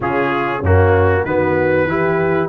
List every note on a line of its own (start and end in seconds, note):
0.00 0.61 C#3
0.00 0.63 C#4
0.00 0.59 F4
0.00 0.64 G#4
0.59 1.23 F#2
0.59 1.26 A#3
0.59 1.21 C#4
0.65 1.24 F#4
1.24 1.85 D#3
1.24 1.88 B3
1.24 1.89 F#4
1.24 2.48 B4
1.85 2.48 E3
1.85 2.48 E4
1.85 2.48 G4